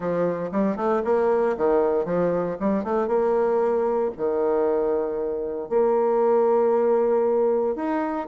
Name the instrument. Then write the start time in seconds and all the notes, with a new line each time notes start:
bassoon
0.00 F3
0.51 G3
0.76 A3
1.04 A#3
1.57 D#3
2.05 F3
2.60 G3
2.83 A3
3.07 A#3
4.17 D#3
5.69 A#3
7.75 D#4